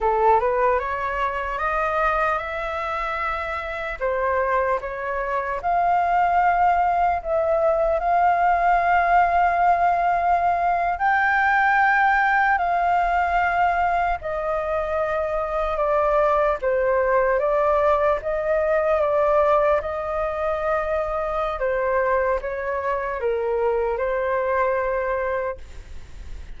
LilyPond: \new Staff \with { instrumentName = "flute" } { \time 4/4 \tempo 4 = 75 a'8 b'8 cis''4 dis''4 e''4~ | e''4 c''4 cis''4 f''4~ | f''4 e''4 f''2~ | f''4.~ f''16 g''2 f''16~ |
f''4.~ f''16 dis''2 d''16~ | d''8. c''4 d''4 dis''4 d''16~ | d''8. dis''2~ dis''16 c''4 | cis''4 ais'4 c''2 | }